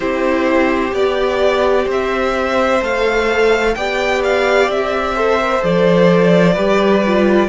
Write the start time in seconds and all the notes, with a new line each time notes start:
0.00 C4 E4 G4 C5
0.91 B3 G4 D5
1.85 C4 C5
1.91 E5
2.81 A3 A4 F5
3.74 B3 G4 D5 G5
4.23 F5
4.68 C4 E5
5.15 A4 C5
5.40 A#4
5.59 F3 A4 D5
6.53 G3 G4 B4
7.05 F4